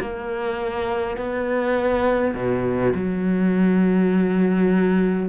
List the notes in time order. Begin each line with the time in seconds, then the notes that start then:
0.00 A#3
1.17 B3
2.34 B2
2.95 F#3